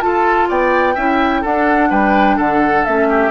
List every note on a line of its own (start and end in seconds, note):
0.00 0.94 F4
0.00 0.49 F4
0.00 0.48 A4
0.00 0.48 A5
0.48 0.96 B3
0.48 0.94 D5
0.48 1.44 G5
0.94 1.43 C#4
0.94 1.44 E4
0.94 1.41 E5
1.41 1.90 D4
1.41 2.86 D4
1.41 1.88 A4
1.41 1.91 F#5
1.90 2.38 G3
1.90 2.36 B4
1.90 2.38 G5
2.36 2.85 D3
2.36 3.07 A4
2.36 2.84 F#5
2.84 3.31 A3
2.84 3.31 C#4
2.84 3.31 E5
3.09 3.31 G4